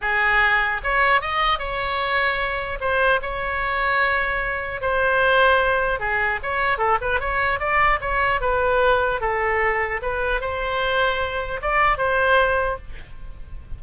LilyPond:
\new Staff \with { instrumentName = "oboe" } { \time 4/4 \tempo 4 = 150 gis'2 cis''4 dis''4 | cis''2. c''4 | cis''1 | c''2. gis'4 |
cis''4 a'8 b'8 cis''4 d''4 | cis''4 b'2 a'4~ | a'4 b'4 c''2~ | c''4 d''4 c''2 | }